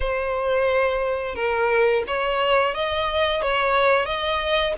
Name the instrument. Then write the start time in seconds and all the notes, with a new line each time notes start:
violin
0.00 C5
1.35 A#4
2.07 C#5
2.74 D#5
3.42 C#5
4.05 D#5